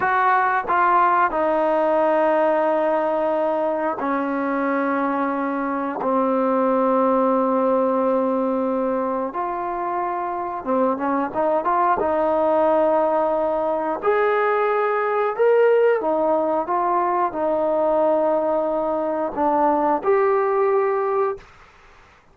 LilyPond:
\new Staff \with { instrumentName = "trombone" } { \time 4/4 \tempo 4 = 90 fis'4 f'4 dis'2~ | dis'2 cis'2~ | cis'4 c'2.~ | c'2 f'2 |
c'8 cis'8 dis'8 f'8 dis'2~ | dis'4 gis'2 ais'4 | dis'4 f'4 dis'2~ | dis'4 d'4 g'2 | }